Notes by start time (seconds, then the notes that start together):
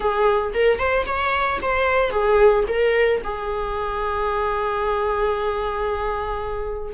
0.00 G#4
0.54 A#4
0.78 C5
1.05 C#5
1.62 C5
2.10 G#4
2.68 A#4
3.24 G#4